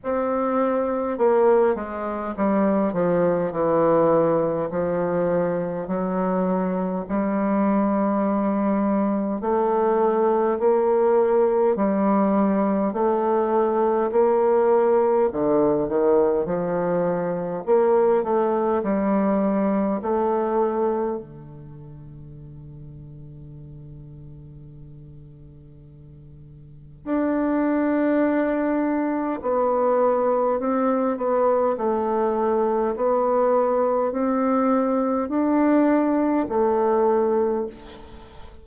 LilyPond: \new Staff \with { instrumentName = "bassoon" } { \time 4/4 \tempo 4 = 51 c'4 ais8 gis8 g8 f8 e4 | f4 fis4 g2 | a4 ais4 g4 a4 | ais4 d8 dis8 f4 ais8 a8 |
g4 a4 d2~ | d2. d'4~ | d'4 b4 c'8 b8 a4 | b4 c'4 d'4 a4 | }